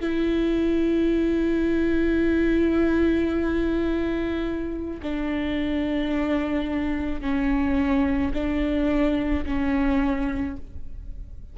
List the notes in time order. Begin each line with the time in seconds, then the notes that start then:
0.00 E4
5.03 D4
7.21 C#4
8.34 D4
9.46 C#4